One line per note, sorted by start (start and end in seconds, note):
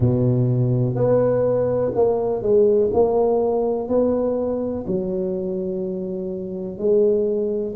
0.00 0.95 B2
0.95 1.92 B3
1.94 2.42 A#3
2.42 2.90 G#3
2.93 3.88 A#3
3.88 4.85 B3
4.87 6.77 F#3
6.77 7.74 G#3